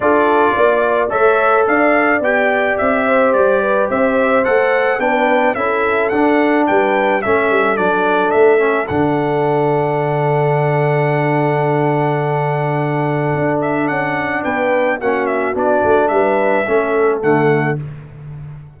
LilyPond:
<<
  \new Staff \with { instrumentName = "trumpet" } { \time 4/4 \tempo 4 = 108 d''2 e''4 f''4 | g''4 e''4 d''4 e''4 | fis''4 g''4 e''4 fis''4 | g''4 e''4 d''4 e''4 |
fis''1~ | fis''1~ | fis''8 e''8 fis''4 g''4 fis''8 e''8 | d''4 e''2 fis''4 | }
  \new Staff \with { instrumentName = "horn" } { \time 4/4 a'4 d''4 cis''4 d''4~ | d''4. c''4 b'8 c''4~ | c''4 b'4 a'2 | b'4 a'2.~ |
a'1~ | a'1~ | a'2 b'4 fis'4~ | fis'4 b'4 a'2 | }
  \new Staff \with { instrumentName = "trombone" } { \time 4/4 f'2 a'2 | g'1 | a'4 d'4 e'4 d'4~ | d'4 cis'4 d'4. cis'8 |
d'1~ | d'1~ | d'2. cis'4 | d'2 cis'4 a4 | }
  \new Staff \with { instrumentName = "tuba" } { \time 4/4 d'4 ais4 a4 d'4 | b4 c'4 g4 c'4 | a4 b4 cis'4 d'4 | g4 a8 g8 fis4 a4 |
d1~ | d1 | d'4 cis'4 b4 ais4 | b8 a8 g4 a4 d4 | }
>>